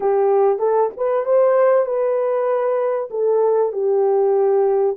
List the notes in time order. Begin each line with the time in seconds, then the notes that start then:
0.00 G4
0.58 A4
0.96 B4
1.25 C5
1.85 B4
3.10 A4
3.72 G4